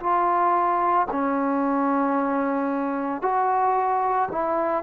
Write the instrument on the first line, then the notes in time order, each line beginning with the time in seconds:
trombone
0.00 F4
1.12 C#4
3.22 F#4
4.32 E4